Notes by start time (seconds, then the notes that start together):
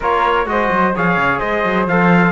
0.00 A#3 F4 A#4 C#5
0.46 G#3 F#4 C5 D#5
0.71 F#3
0.95 F3 G#4 C#5 F5
1.16 C#3
1.39 G#3 C5 D#5
1.64 F#3
1.87 F3 A4 F5